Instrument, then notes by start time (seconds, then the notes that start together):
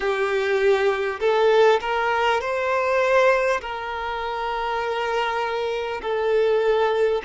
violin
0.00 G4
1.20 A4
1.81 A#4
2.40 C5
3.61 A#4
6.02 A4